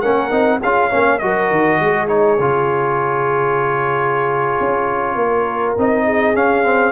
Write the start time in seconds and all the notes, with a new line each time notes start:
0.00 A#3 C#4 A#4 F#5
0.30 C4 D#4
0.62 C#4 F4 G#4 F5
0.89 A#3 C#4 C#5
1.18 F#3 F#4 A#4 D#5
1.50 D#3
1.80 G#3 G#4
2.08 D#4 C#5
2.38 C#3 F4
4.60 C#4
5.15 A#3 A#4
5.77 C4 D#4 D#5
6.05 G#4
6.34 C#4 F5
6.63 C4